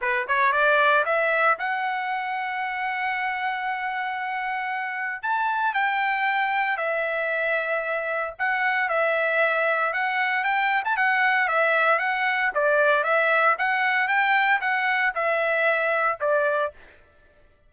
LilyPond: \new Staff \with { instrumentName = "trumpet" } { \time 4/4 \tempo 4 = 115 b'8 cis''8 d''4 e''4 fis''4~ | fis''1~ | fis''2 a''4 g''4~ | g''4 e''2. |
fis''4 e''2 fis''4 | g''8. a''16 fis''4 e''4 fis''4 | d''4 e''4 fis''4 g''4 | fis''4 e''2 d''4 | }